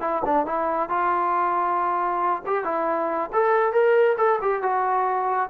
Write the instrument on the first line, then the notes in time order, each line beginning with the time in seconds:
trombone
0.00 E4
0.25 D4
0.46 E4
0.89 F4
2.46 G4
2.64 E4
3.32 A4
3.72 A#4
4.17 A4
4.41 G4
4.62 F#4